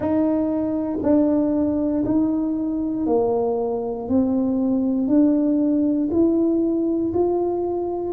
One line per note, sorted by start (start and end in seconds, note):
0.00 0.98 D#4
1.02 2.03 D4
2.05 3.06 D#4
3.06 4.08 A#3
4.08 5.07 C4
5.07 6.09 D4
6.11 7.12 E4
7.13 8.13 F4